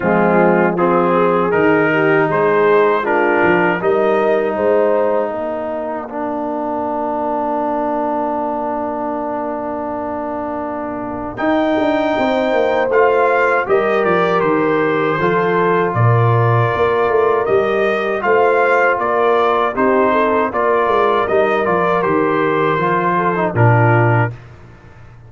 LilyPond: <<
  \new Staff \with { instrumentName = "trumpet" } { \time 4/4 \tempo 4 = 79 f'4 gis'4 ais'4 c''4 | ais'4 dis''4 f''2~ | f''1~ | f''2. g''4~ |
g''4 f''4 dis''8 d''8 c''4~ | c''4 d''2 dis''4 | f''4 d''4 c''4 d''4 | dis''8 d''8 c''2 ais'4 | }
  \new Staff \with { instrumentName = "horn" } { \time 4/4 c'4 f'8 gis'4 g'8 gis'4 | f'4 ais'4 c''4 ais'4~ | ais'1~ | ais'1 |
c''2 ais'2 | a'4 ais'2. | c''4 ais'4 g'8 a'8 ais'4~ | ais'2~ ais'8 a'8 f'4 | }
  \new Staff \with { instrumentName = "trombone" } { \time 4/4 gis4 c'4 dis'2 | d'4 dis'2. | d'1~ | d'2. dis'4~ |
dis'4 f'4 g'2 | f'2. g'4 | f'2 dis'4 f'4 | dis'8 f'8 g'4 f'8. dis'16 d'4 | }
  \new Staff \with { instrumentName = "tuba" } { \time 4/4 f2 dis4 gis4~ | gis8 f8 g4 gis4 ais4~ | ais1~ | ais2. dis'8 d'8 |
c'8 ais8 a4 g8 f8 dis4 | f4 ais,4 ais8 a8 g4 | a4 ais4 c'4 ais8 gis8 | g8 f8 dis4 f4 ais,4 | }
>>